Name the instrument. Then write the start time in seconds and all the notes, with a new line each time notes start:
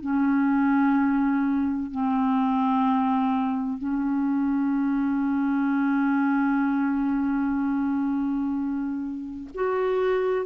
clarinet
0.00 C#4
1.91 C4
3.77 C#4
9.54 F#4